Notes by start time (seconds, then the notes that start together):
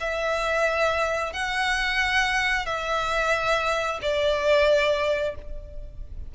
0.00 E5
1.33 F#5
2.66 E5
4.02 D5